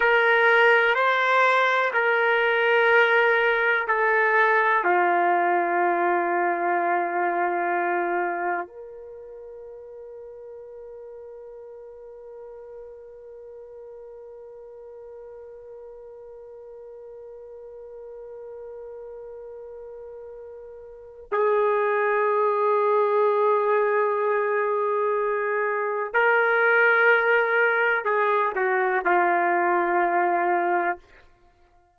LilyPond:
\new Staff \with { instrumentName = "trumpet" } { \time 4/4 \tempo 4 = 62 ais'4 c''4 ais'2 | a'4 f'2.~ | f'4 ais'2.~ | ais'1~ |
ais'1~ | ais'2 gis'2~ | gis'2. ais'4~ | ais'4 gis'8 fis'8 f'2 | }